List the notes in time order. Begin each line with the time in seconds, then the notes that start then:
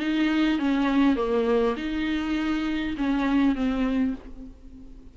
0.00 D#4
0.59 C#4
1.16 A#3
1.77 D#4
2.98 C#4
3.56 C4